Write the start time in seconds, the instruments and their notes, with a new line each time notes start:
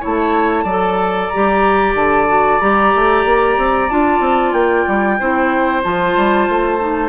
0.00 bassoon A3, clarinet E4, oboe C#5, flute A5
0.64 bassoon F#3, clarinet A4, oboe D5
1.28 clarinet G4, flute A#5
1.35 bassoon G3
1.94 bassoon D3, flute A5
2.27 clarinet F#4
2.60 bassoon G3, clarinet G4, flute A#5
2.95 bassoon A3
3.25 bassoon A#3
3.57 bassoon C4
3.89 bassoon D4, clarinet F4, flute A5
4.20 bassoon C4
4.52 bassoon A#3, flute G5
4.87 bassoon G3
5.19 bassoon C4, clarinet E4, oboe C5
5.83 bassoon F3, clarinet F4, flute A5
6.16 bassoon G3
6.48 bassoon A3
6.79 clarinet D#4